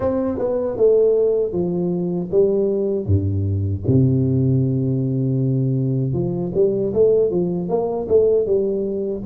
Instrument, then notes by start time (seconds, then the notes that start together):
tuba
0.00 C4
0.38 B3
0.77 A3
1.52 F3
2.31 G3
3.06 G2
3.87 C3
6.13 F3
6.54 G3
6.93 A3
7.30 F3
7.69 A#3
8.08 A3
8.46 G3